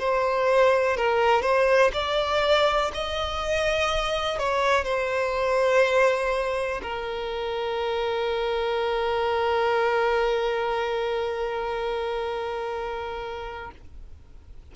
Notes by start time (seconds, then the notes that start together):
0.00 C5
0.97 A#4
1.43 C5
1.94 D5
2.95 D#5
4.39 C#5
4.85 C5
6.83 A#4